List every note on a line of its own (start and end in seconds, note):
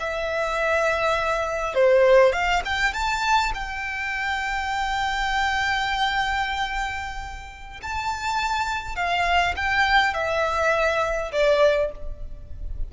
0.00 1.75 E5
1.75 2.33 C5
2.33 2.63 F5
2.65 2.94 G5
2.94 3.52 A5
3.55 7.81 G5
7.83 8.96 A5
8.96 9.55 F5
9.57 10.14 G5
10.14 11.32 E5
11.33 11.92 D5